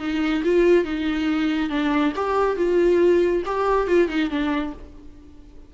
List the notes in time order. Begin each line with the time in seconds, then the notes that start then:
0.00 D#4
0.44 F4
0.85 D#4
1.70 D4
2.16 G4
2.57 F4
3.46 G4
3.88 F4
4.09 D#4
4.30 D4